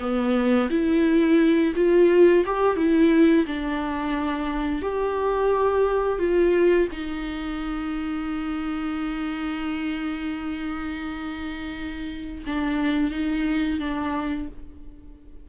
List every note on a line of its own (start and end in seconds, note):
0.00 0.69 B3
0.70 1.73 E4
1.76 2.45 F4
2.46 2.76 G4
2.76 3.45 E4
3.46 4.82 D4
4.82 6.19 G4
6.19 6.88 F4
6.92 12.44 D#4
12.46 13.11 D4
13.11 13.79 D#4
13.79 14.48 D4